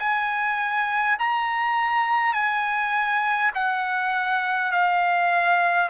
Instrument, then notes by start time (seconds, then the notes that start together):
trumpet
0.00 G#5
1.19 A#5
2.34 G#5
3.55 F#5
4.72 F5